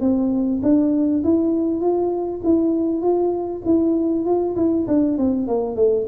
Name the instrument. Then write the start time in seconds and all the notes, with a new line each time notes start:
tuba
0.00 C4
0.62 D4
1.24 E4
1.80 F4
2.44 E4
3.02 F4
3.65 E4
4.25 F4
4.56 E4
4.87 D4
5.18 C4
5.47 A#3
5.76 A3